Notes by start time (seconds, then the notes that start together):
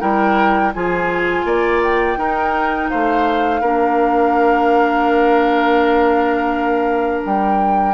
0.00 G3 E4 A#4 G5
0.73 F3 F4 G#4 G#5
1.44 A#3 D5
1.83 G5
2.17 D#4 A#4
2.89 A3 C5 F5
3.61 A#3 D4 A#4
7.25 G3 G5